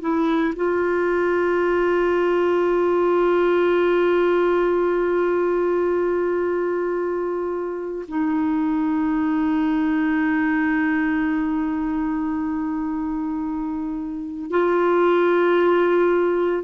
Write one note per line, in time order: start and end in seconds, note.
0.00 0.54 E4
0.56 8.06 F4
8.07 14.50 D#4
14.50 16.63 F4